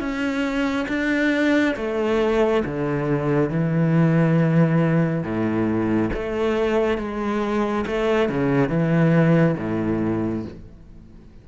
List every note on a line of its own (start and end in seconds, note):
0.00 0.87 C#4
0.89 1.75 D4
1.77 2.64 A3
2.65 3.50 D3
3.50 5.24 E3
5.24 6.11 A2
6.13 6.98 A3
6.98 7.85 G#3
7.87 8.29 A3
8.29 8.69 C#3
8.69 9.56 E3
9.58 10.45 A2